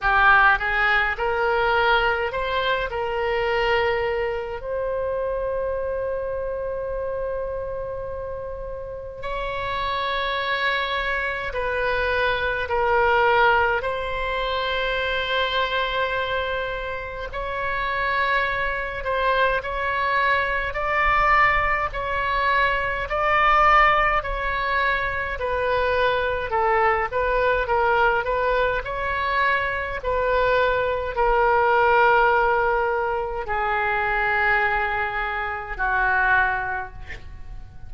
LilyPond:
\new Staff \with { instrumentName = "oboe" } { \time 4/4 \tempo 4 = 52 g'8 gis'8 ais'4 c''8 ais'4. | c''1 | cis''2 b'4 ais'4 | c''2. cis''4~ |
cis''8 c''8 cis''4 d''4 cis''4 | d''4 cis''4 b'4 a'8 b'8 | ais'8 b'8 cis''4 b'4 ais'4~ | ais'4 gis'2 fis'4 | }